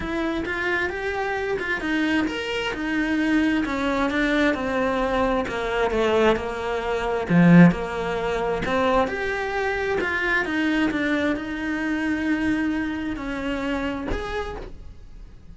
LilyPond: \new Staff \with { instrumentName = "cello" } { \time 4/4 \tempo 4 = 132 e'4 f'4 g'4. f'8 | dis'4 ais'4 dis'2 | cis'4 d'4 c'2 | ais4 a4 ais2 |
f4 ais2 c'4 | g'2 f'4 dis'4 | d'4 dis'2.~ | dis'4 cis'2 gis'4 | }